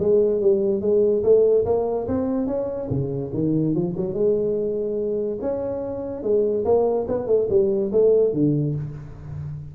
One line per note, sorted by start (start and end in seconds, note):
0.00 0.41 G#3
0.41 0.82 G3
0.82 1.23 G#3
1.24 1.66 A3
1.66 2.08 A#3
2.08 2.47 C4
2.47 2.89 C#4
2.91 3.32 C#3
3.34 3.75 D#3
3.75 3.96 F3
3.97 4.14 F#3
4.14 5.39 G#3
5.42 6.23 C#4
6.23 6.65 G#3
6.65 7.07 A#3
7.09 7.27 B3
7.27 7.48 A3
7.50 7.92 G3
7.92 8.34 A3
8.34 8.75 D3